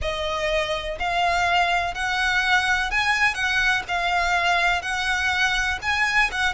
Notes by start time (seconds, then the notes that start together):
0.01 D#5
0.99 F5
1.94 F#5
2.90 G#5
3.34 F#5
3.88 F5
4.81 F#5
5.82 G#5
6.31 F#5